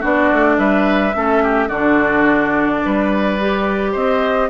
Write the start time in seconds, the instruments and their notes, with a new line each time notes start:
0.00 bassoon B3, clarinet D4, oboe F#4, flute D5
0.32 bassoon A3
0.58 bassoon G3, oboe B4, flute E5
1.14 bassoon A3, clarinet C#4, oboe A4
1.43 oboe G4
1.68 bassoon D3, clarinet D4, oboe F#4, flute D5
2.85 bassoon G3, oboe B4
3.40 clarinet G4
3.92 bassoon C4, oboe C5, flute D#5